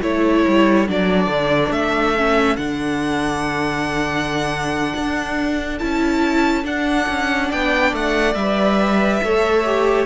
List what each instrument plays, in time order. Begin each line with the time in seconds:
0.00 cello A3, viola E4, violin A4 C#5
0.48 cello G3
0.87 cello F#3, viola D4, violin D5
1.27 cello D3
1.71 cello A3, violin E5
2.17 viola C#4
2.57 cello D3, viola D4, violin F#5
4.96 cello D4
5.79 cello C#4, viola E4, violin A5
6.64 viola D4, cello D4, violin F#5
7.08 cello C#4
7.48 cello B3, violin D5 G5
7.93 cello A3, violin F#5
8.35 cello G3, viola B4, violin E5
9.23 cello A3, viola A4, violin C#5
9.65 viola G4